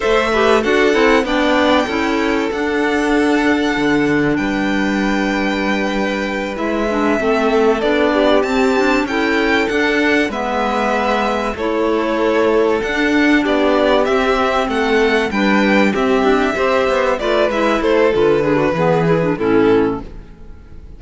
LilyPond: <<
  \new Staff \with { instrumentName = "violin" } { \time 4/4 \tempo 4 = 96 e''4 fis''4 g''2 | fis''2. g''4~ | g''2~ g''8 e''4.~ | e''8 d''4 a''4 g''4 fis''8~ |
fis''8 e''2 cis''4.~ | cis''8 fis''4 d''4 e''4 fis''8~ | fis''8 g''4 e''2 d''8 | e''8 c''8 b'2 a'4 | }
  \new Staff \with { instrumentName = "violin" } { \time 4/4 c''8 b'8 a'4 d''4 a'4~ | a'2. b'4~ | b'2.~ b'8 a'8~ | a'4 g'4. a'4.~ |
a'8 b'2 a'4.~ | a'4. g'2 a'8~ | a'8 b'4 g'4 c''4 b'8~ | b'8 a'4 gis'16 fis'16 gis'4 e'4 | }
  \new Staff \with { instrumentName = "clarinet" } { \time 4/4 a'8 g'8 fis'8 e'8 d'4 e'4 | d'1~ | d'2~ d'8 e'8 d'8 c'8~ | c'8 d'4 c'8 d'8 e'4 d'8~ |
d'8 b2 e'4.~ | e'8 d'2 c'4.~ | c'8 d'4 c'4 g'4 f'8 | e'4 f'8 d'8 b8 e'16 d'16 cis'4 | }
  \new Staff \with { instrumentName = "cello" } { \time 4/4 a4 d'8 c'8 b4 cis'4 | d'2 d4 g4~ | g2~ g8 gis4 a8~ | a8 b4 c'4 cis'4 d'8~ |
d'8 gis2 a4.~ | a8 d'4 b4 c'4 a8~ | a8 g4 c'8 d'8 c'8 b8 a8 | gis8 a8 d4 e4 a,4 | }
>>